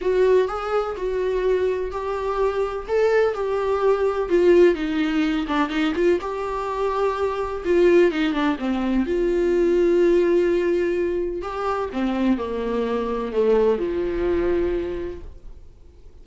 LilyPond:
\new Staff \with { instrumentName = "viola" } { \time 4/4 \tempo 4 = 126 fis'4 gis'4 fis'2 | g'2 a'4 g'4~ | g'4 f'4 dis'4. d'8 | dis'8 f'8 g'2. |
f'4 dis'8 d'8 c'4 f'4~ | f'1 | g'4 c'4 ais2 | a4 f2. | }